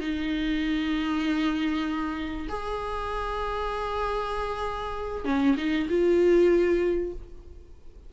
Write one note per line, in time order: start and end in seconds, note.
0.00 2.47 D#4
2.49 5.25 G#4
5.25 5.56 C#4
5.57 5.88 D#4
5.89 7.13 F4